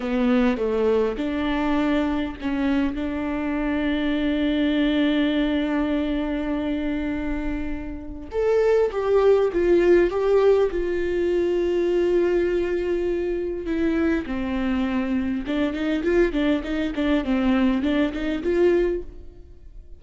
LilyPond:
\new Staff \with { instrumentName = "viola" } { \time 4/4 \tempo 4 = 101 b4 a4 d'2 | cis'4 d'2.~ | d'1~ | d'2 a'4 g'4 |
f'4 g'4 f'2~ | f'2. e'4 | c'2 d'8 dis'8 f'8 d'8 | dis'8 d'8 c'4 d'8 dis'8 f'4 | }